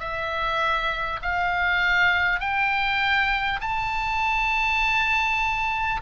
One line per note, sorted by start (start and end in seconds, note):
0.00 1.20 E5
1.22 2.40 F5
2.40 3.60 G5
3.61 6.01 A5